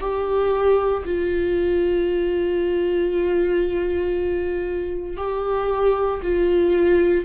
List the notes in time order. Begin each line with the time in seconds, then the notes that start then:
0.00 G4
1.05 F4
5.17 G4
6.23 F4